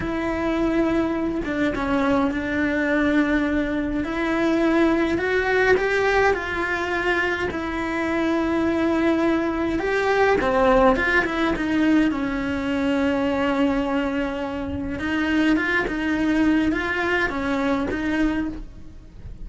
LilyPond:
\new Staff \with { instrumentName = "cello" } { \time 4/4 \tempo 4 = 104 e'2~ e'8 d'8 cis'4 | d'2. e'4~ | e'4 fis'4 g'4 f'4~ | f'4 e'2.~ |
e'4 g'4 c'4 f'8 e'8 | dis'4 cis'2.~ | cis'2 dis'4 f'8 dis'8~ | dis'4 f'4 cis'4 dis'4 | }